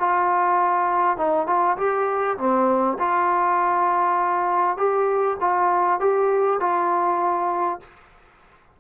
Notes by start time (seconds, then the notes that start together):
0.00 F4
1.18 D#4
1.47 F4
1.77 G4
2.38 C4
2.99 F4
4.77 G4
5.41 F4
6.00 G4
6.60 F4